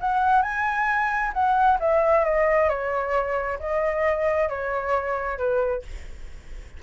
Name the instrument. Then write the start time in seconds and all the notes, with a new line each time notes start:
flute
0.00 F#5
0.42 G#5
1.33 F#5
1.79 E5
2.24 D#5
2.69 C#5
3.59 D#5
4.49 C#5
5.38 B4